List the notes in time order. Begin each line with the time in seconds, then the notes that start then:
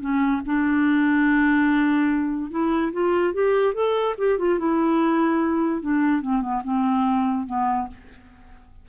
0.00 C#4
0.45 D4
2.50 E4
2.92 F4
3.33 G4
3.74 A4
4.18 G4
4.38 F4
4.58 E4
5.81 D4
6.21 C4
6.41 B3
6.64 C4
7.46 B3